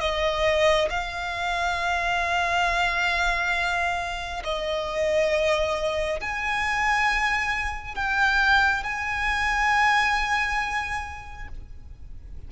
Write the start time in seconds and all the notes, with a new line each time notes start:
0.00 D#5
0.90 F5
4.44 D#5
6.20 G#5
7.95 G5
8.83 G#5